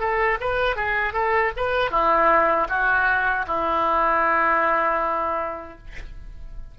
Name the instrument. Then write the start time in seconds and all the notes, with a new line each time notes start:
oboe
0.00 A4
0.41 B4
0.76 G#4
1.13 A4
1.57 B4
1.91 E4
2.69 F#4
3.48 E4